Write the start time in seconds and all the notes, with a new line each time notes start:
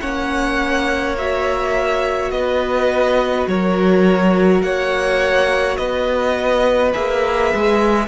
0.00 A#3 C#4 C#5 F#5
1.18 F#4 E5
2.31 B3 B4 D#5
3.47 F#3 A#4 C#5
4.62 A#3 C#5 F#5
5.76 B3 B4 D#5
6.92 A#3 G#4 E5
7.55 G#3